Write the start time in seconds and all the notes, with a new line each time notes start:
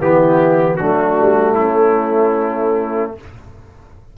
0.00 E3 B3 E4 G4
0.76 F#3 A3 D4 F#4
1.20 G3
1.54 A3 C#4 E4